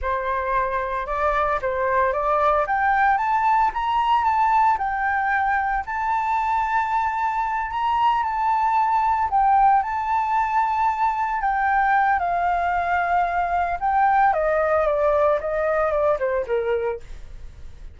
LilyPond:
\new Staff \with { instrumentName = "flute" } { \time 4/4 \tempo 4 = 113 c''2 d''4 c''4 | d''4 g''4 a''4 ais''4 | a''4 g''2 a''4~ | a''2~ a''8 ais''4 a''8~ |
a''4. g''4 a''4.~ | a''4. g''4. f''4~ | f''2 g''4 dis''4 | d''4 dis''4 d''8 c''8 ais'4 | }